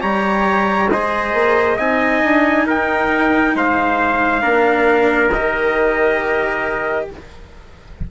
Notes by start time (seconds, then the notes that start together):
0.00 G3 G4 C#5 A#5
0.90 G#3 G#4 C5 D#5
1.33 A#3
1.76 C4 D#4 D#5 G#5
2.23 D4
2.66 D#4 A#4 G5
3.55 G#3 C5 F5
4.41 A#3 D4 A#4
5.32 D#3 G4 D#5